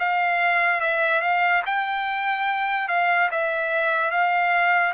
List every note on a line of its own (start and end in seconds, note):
0.00 0.81 F5
0.81 1.22 E5
1.22 1.63 F5
1.66 2.89 G5
2.89 3.30 F5
3.31 4.11 E5
4.11 4.94 F5